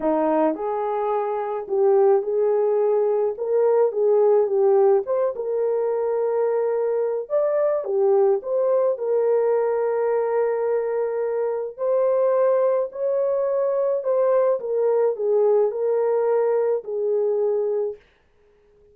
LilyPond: \new Staff \with { instrumentName = "horn" } { \time 4/4 \tempo 4 = 107 dis'4 gis'2 g'4 | gis'2 ais'4 gis'4 | g'4 c''8 ais'2~ ais'8~ | ais'4 d''4 g'4 c''4 |
ais'1~ | ais'4 c''2 cis''4~ | cis''4 c''4 ais'4 gis'4 | ais'2 gis'2 | }